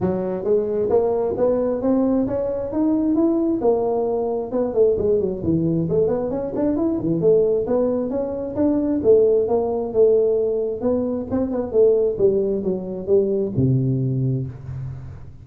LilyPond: \new Staff \with { instrumentName = "tuba" } { \time 4/4 \tempo 4 = 133 fis4 gis4 ais4 b4 | c'4 cis'4 dis'4 e'4 | ais2 b8 a8 gis8 fis8 | e4 a8 b8 cis'8 d'8 e'8 e8 |
a4 b4 cis'4 d'4 | a4 ais4 a2 | b4 c'8 b8 a4 g4 | fis4 g4 c2 | }